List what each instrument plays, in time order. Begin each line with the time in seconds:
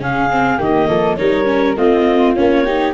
0.00 tuba C#3, viola C#4, flute G#4, clarinet F5
0.31 viola C4
0.58 tuba D#3, viola A#3, flute G4, clarinet D#5
0.88 tuba F3, flute A4
1.17 tuba G3, viola D#4, flute A#4, clarinet C#5
1.45 viola C#4
1.76 tuba A3, viola C4, flute F4, clarinet D#5
2.36 tuba A#3, viola C#4, clarinet C#5
2.65 viola D#4, flute G4